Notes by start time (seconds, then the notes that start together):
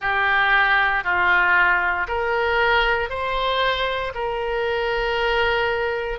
0.00 G4
1.03 F4
2.07 A#4
3.09 C5
4.14 A#4